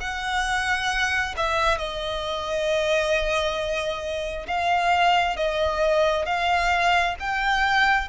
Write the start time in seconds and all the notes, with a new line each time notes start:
0.00 F#5
1.36 E5
1.77 D#5
4.47 F5
5.36 D#5
6.25 F5
7.19 G5